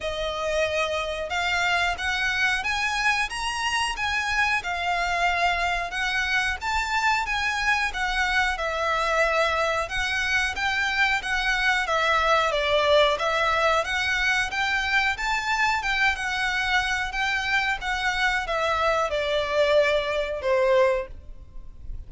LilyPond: \new Staff \with { instrumentName = "violin" } { \time 4/4 \tempo 4 = 91 dis''2 f''4 fis''4 | gis''4 ais''4 gis''4 f''4~ | f''4 fis''4 a''4 gis''4 | fis''4 e''2 fis''4 |
g''4 fis''4 e''4 d''4 | e''4 fis''4 g''4 a''4 | g''8 fis''4. g''4 fis''4 | e''4 d''2 c''4 | }